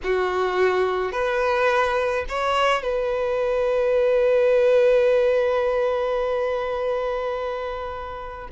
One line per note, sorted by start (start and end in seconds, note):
0.03 1.11 F#4
1.11 2.25 B4
2.28 2.82 C#5
2.82 8.48 B4